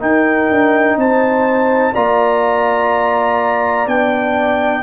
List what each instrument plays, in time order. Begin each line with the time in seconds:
0.00 trombone D#4, tuba D#4, horn A#4, trumpet G5
0.51 tuba D4
0.97 tuba C4, horn C5, trumpet A5
1.94 tuba A#3, trombone F4, horn D5, trumpet A#5
3.87 tuba B3, trombone D4, trumpet G5